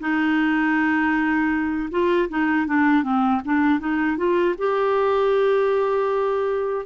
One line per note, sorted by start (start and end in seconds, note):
0.00 1.90 D#4
1.91 2.29 F4
2.29 2.67 D#4
2.67 3.03 D4
3.03 3.41 C4
3.45 3.80 D4
3.80 4.17 D#4
4.17 4.55 F4
4.58 6.86 G4